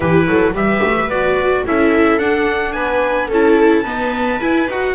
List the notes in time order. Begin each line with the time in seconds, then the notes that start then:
0.00 E3 E4 G4 B4
0.26 F#3 A4
0.53 G3 G4 B4 E5
0.83 A3
1.08 B3 F#4 D5
1.65 C#4 E4 A4 E5
2.18 D4 F#5
2.72 B3 B4 G#5
3.28 C#4 E4 A4 A5
3.83 B3 D#4 B4
4.40 E4 G#5
4.68 D#4 F#4 F#5